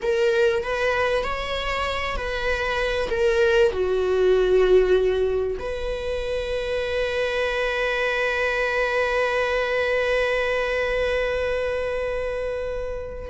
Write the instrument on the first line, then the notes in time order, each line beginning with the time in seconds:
viola
0.01 A#4
0.63 B4
1.23 C#5
2.16 B4
3.10 A#4
3.72 F#4
5.59 B4